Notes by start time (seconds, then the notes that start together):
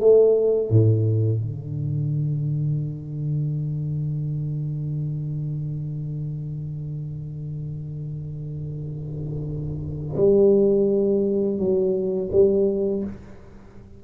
0.00 A3
0.70 A2
1.40 D3
10.17 G3
11.58 F#3
12.32 G3